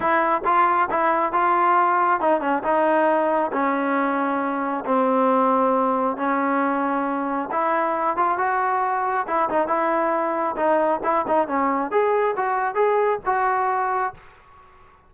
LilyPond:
\new Staff \with { instrumentName = "trombone" } { \time 4/4 \tempo 4 = 136 e'4 f'4 e'4 f'4~ | f'4 dis'8 cis'8 dis'2 | cis'2. c'4~ | c'2 cis'2~ |
cis'4 e'4. f'8 fis'4~ | fis'4 e'8 dis'8 e'2 | dis'4 e'8 dis'8 cis'4 gis'4 | fis'4 gis'4 fis'2 | }